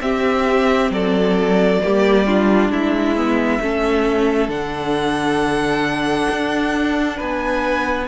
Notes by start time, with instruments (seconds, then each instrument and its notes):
0.00 viola C4, cello C4, violin G4 E5
0.90 cello F#3, violin A4 D5
1.81 cello G3, viola A#3, violin G4
2.26 viola D4, violin F4
2.69 cello G#3, violin E4 E5
3.16 viola B3
3.61 cello A3, viola C#4, violin A4
4.48 cello D3, viola D4, violin F#5
6.30 cello D4
7.17 cello B3, violin B4 G#5